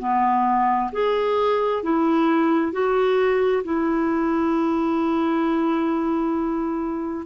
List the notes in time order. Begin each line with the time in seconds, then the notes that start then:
0.00 B3
0.93 G#4
1.83 E4
2.72 F#4
3.64 E4